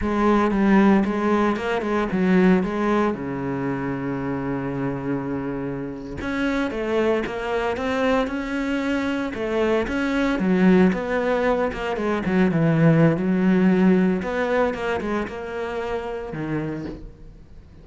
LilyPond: \new Staff \with { instrumentName = "cello" } { \time 4/4 \tempo 4 = 114 gis4 g4 gis4 ais8 gis8 | fis4 gis4 cis2~ | cis2.~ cis8. cis'16~ | cis'8. a4 ais4 c'4 cis'16~ |
cis'4.~ cis'16 a4 cis'4 fis16~ | fis8. b4. ais8 gis8 fis8 e16~ | e4 fis2 b4 | ais8 gis8 ais2 dis4 | }